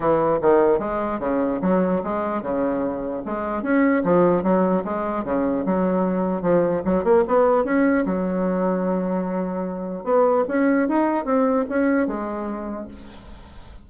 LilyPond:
\new Staff \with { instrumentName = "bassoon" } { \time 4/4 \tempo 4 = 149 e4 dis4 gis4 cis4 | fis4 gis4 cis2 | gis4 cis'4 f4 fis4 | gis4 cis4 fis2 |
f4 fis8 ais8 b4 cis'4 | fis1~ | fis4 b4 cis'4 dis'4 | c'4 cis'4 gis2 | }